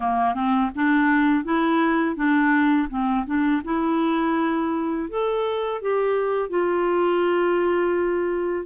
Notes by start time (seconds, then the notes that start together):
0.00 A#3
0.34 C4
0.75 D4
1.44 E4
2.16 D4
2.89 C4
3.25 D4
3.64 E4
5.09 A4
5.81 G4
6.49 F4